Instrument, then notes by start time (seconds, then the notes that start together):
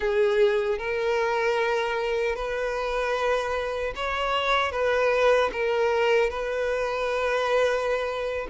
violin
0.00 G#4
0.78 A#4
2.35 B4
3.95 C#5
4.71 B4
5.52 A#4
6.30 B4